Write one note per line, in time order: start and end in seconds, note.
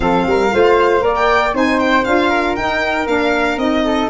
0.00 0.24 F3
0.00 0.49 C4
0.00 0.27 A4
0.00 1.14 F5
0.26 0.52 G3
0.26 0.53 A#4
0.52 1.02 A3
0.52 1.00 F4
0.52 1.04 C5
1.00 1.53 A#3
1.00 1.51 A#4
1.00 1.55 D5
1.15 1.53 G5
1.53 2.04 C4
1.53 2.04 D#4
1.53 2.29 C5
1.53 1.79 G#5
1.79 2.04 G5
2.04 2.57 D4
2.04 2.58 F4
2.04 2.55 F5
2.29 3.83 A#4
2.55 3.06 D#4
2.55 3.08 D#4
2.55 3.06 G5
3.06 3.57 A#3
3.06 3.59 D4
3.06 3.58 F5
3.57 4.08 C4
3.57 4.09 D#4
3.57 4.09 D#5
3.84 4.09 A4